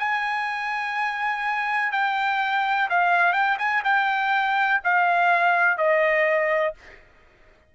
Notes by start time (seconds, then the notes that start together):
0.00 G#5
1.93 G5
2.90 F5
3.33 G5
3.59 G#5
3.84 G5
4.85 F5
5.78 D#5